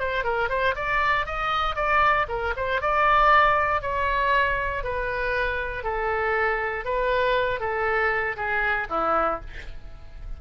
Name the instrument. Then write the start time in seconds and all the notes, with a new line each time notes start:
oboe
0.00 C5
0.24 A#4
0.50 C5
0.76 D5
1.26 D#5
1.76 D5
2.29 A#4
2.57 C5
2.82 D5
3.82 C#5
4.84 B4
5.84 A4
6.86 B4
7.60 A4
8.37 G#4
8.90 E4